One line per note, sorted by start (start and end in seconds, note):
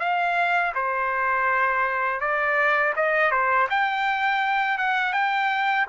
0.00 0.73 F5
0.75 2.21 C5
2.21 2.94 D5
2.97 3.32 D#5
3.32 3.68 C5
3.71 4.78 G5
4.78 5.14 F#5
5.14 5.87 G5